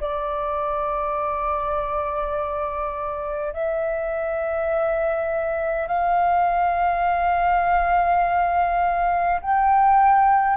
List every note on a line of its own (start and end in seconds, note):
0.00 3.53 D5
3.53 5.87 E5
5.87 9.40 F5
9.41 10.57 G5